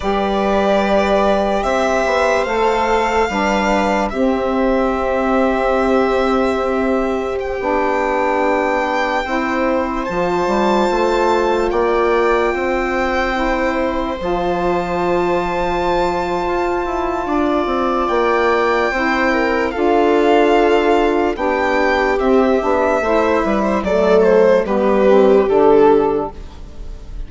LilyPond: <<
  \new Staff \with { instrumentName = "violin" } { \time 4/4 \tempo 4 = 73 d''2 e''4 f''4~ | f''4 e''2.~ | e''4 g''2.~ | g''16 a''2 g''4.~ g''16~ |
g''4~ g''16 a''2~ a''8.~ | a''2 g''2 | f''2 g''4 e''4~ | e''4 d''8 c''8 b'4 a'4 | }
  \new Staff \with { instrumentName = "viola" } { \time 4/4 b'2 c''2 | b'4 g'2.~ | g'2.~ g'16 c''8.~ | c''2~ c''16 d''4 c''8.~ |
c''1~ | c''4 d''2 c''8 ais'8 | a'2 g'2 | c''8 b'16 c''16 a'4 g'2 | }
  \new Staff \with { instrumentName = "saxophone" } { \time 4/4 g'2. a'4 | d'4 c'2.~ | c'4~ c'16 d'2 e'8.~ | e'16 f'2.~ f'8.~ |
f'16 e'4 f'2~ f'8.~ | f'2. e'4 | f'2 d'4 c'8 d'8 | e'4 a4 b8 c'8 d'4 | }
  \new Staff \with { instrumentName = "bassoon" } { \time 4/4 g2 c'8 b8 a4 | g4 c'2.~ | c'4~ c'16 b2 c'8.~ | c'16 f8 g8 a4 ais4 c'8.~ |
c'4~ c'16 f2~ f8. | f'8 e'8 d'8 c'8 ais4 c'4 | d'2 b4 c'8 b8 | a8 g8 fis4 g4 d4 | }
>>